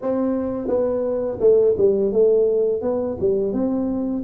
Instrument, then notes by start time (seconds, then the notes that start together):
tuba
0.01 C4
0.67 B3
1.39 A3
1.77 G3
2.12 A3
2.81 B3
3.20 G3
3.53 C4